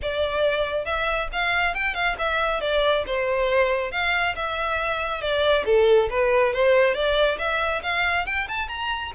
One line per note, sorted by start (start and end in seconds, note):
0.02 0.85 D5
0.85 1.28 E5
1.32 1.74 F5
1.74 1.94 G5
1.94 2.16 F5
2.18 2.60 E5
2.60 3.04 D5
3.06 3.91 C5
3.91 4.35 F5
4.35 5.21 E5
5.21 5.64 D5
5.65 6.09 A4
6.09 6.53 B4
6.53 6.94 C5
6.94 7.38 D5
7.38 7.82 E5
7.82 8.26 F5
8.26 8.47 G5
8.47 8.68 A5
8.68 9.11 A#5